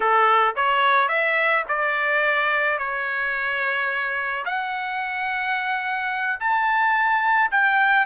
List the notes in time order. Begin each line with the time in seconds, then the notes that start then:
0.00 A4
0.55 C#5
1.08 E5
1.68 D5
2.78 C#5
4.45 F#5
6.39 A5
7.51 G5